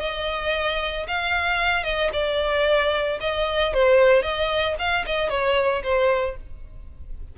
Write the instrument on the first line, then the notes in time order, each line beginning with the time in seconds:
violin
0.00 D#5
1.08 F5
1.83 D#5
2.13 D5
3.20 D#5
3.74 C5
4.22 D#5
4.79 F5
5.06 D#5
5.29 C#5
5.83 C5